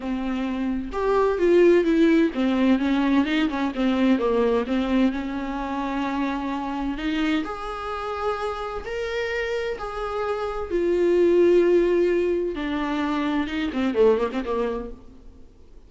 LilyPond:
\new Staff \with { instrumentName = "viola" } { \time 4/4 \tempo 4 = 129 c'2 g'4 f'4 | e'4 c'4 cis'4 dis'8 cis'8 | c'4 ais4 c'4 cis'4~ | cis'2. dis'4 |
gis'2. ais'4~ | ais'4 gis'2 f'4~ | f'2. d'4~ | d'4 dis'8 c'8 a8 ais16 c'16 ais4 | }